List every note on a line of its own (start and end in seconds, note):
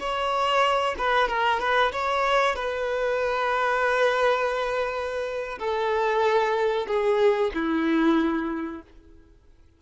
0.00 0.96 C#5
0.98 1.29 B4
1.29 1.60 A#4
1.60 1.92 B4
1.92 2.56 C#5
2.56 5.59 B4
5.59 6.87 A4
6.88 7.52 G#4
7.55 8.82 E4